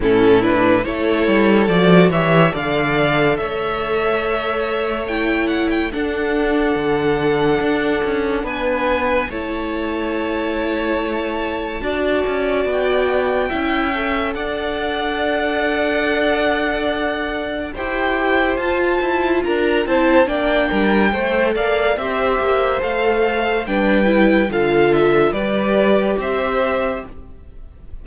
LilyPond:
<<
  \new Staff \with { instrumentName = "violin" } { \time 4/4 \tempo 4 = 71 a'8 b'8 cis''4 d''8 e''8 f''4 | e''2 g''8 fis''16 g''16 fis''4~ | fis''2 gis''4 a''4~ | a''2. g''4~ |
g''4 fis''2.~ | fis''4 g''4 a''4 ais''8 a''8 | g''4. f''8 e''4 f''4 | g''4 f''8 e''8 d''4 e''4 | }
  \new Staff \with { instrumentName = "violin" } { \time 4/4 e'4 a'4. cis''8 d''4 | cis''2. a'4~ | a'2 b'4 cis''4~ | cis''2 d''2 |
e''4 d''2.~ | d''4 c''2 ais'8 c''8 | d''8 ais'8 c''8 d''8 c''2 | b'4 a'4 b'4 c''4 | }
  \new Staff \with { instrumentName = "viola" } { \time 4/4 cis'8 d'8 e'4 fis'8 g'8 a'4~ | a'2 e'4 d'4~ | d'2. e'4~ | e'2 fis'2 |
e'8 a'2.~ a'8~ | a'4 g'4 f'4. e'8 | d'4 a'4 g'4 a'4 | d'8 e'8 f'4 g'2 | }
  \new Staff \with { instrumentName = "cello" } { \time 4/4 a,4 a8 g8 f8 e8 d4 | a2. d'4 | d4 d'8 cis'8 b4 a4~ | a2 d'8 cis'8 b4 |
cis'4 d'2.~ | d'4 e'4 f'8 e'8 d'8 c'8 | ais8 g8 a8 ais8 c'8 ais8 a4 | g4 d4 g4 c'4 | }
>>